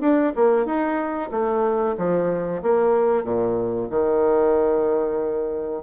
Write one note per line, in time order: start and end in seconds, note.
0.00 0.32 D4
0.35 0.65 A#3
0.65 1.30 D#4
1.31 1.95 A3
1.97 2.62 F3
2.62 3.23 A#3
3.23 3.88 A#2
3.90 5.83 D#3